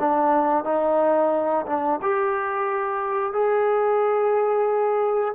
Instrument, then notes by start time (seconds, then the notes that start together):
trombone
0.00 D4
0.65 D#4
1.67 D4
2.03 G4
3.33 G#4